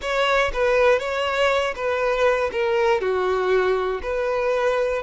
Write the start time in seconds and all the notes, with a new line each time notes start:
0.01 C#5
0.53 B4
0.99 C#5
1.75 B4
2.51 A#4
3.00 F#4
4.02 B4